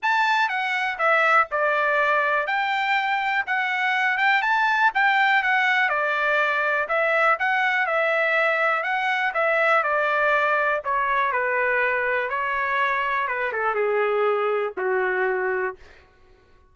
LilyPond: \new Staff \with { instrumentName = "trumpet" } { \time 4/4 \tempo 4 = 122 a''4 fis''4 e''4 d''4~ | d''4 g''2 fis''4~ | fis''8 g''8 a''4 g''4 fis''4 | d''2 e''4 fis''4 |
e''2 fis''4 e''4 | d''2 cis''4 b'4~ | b'4 cis''2 b'8 a'8 | gis'2 fis'2 | }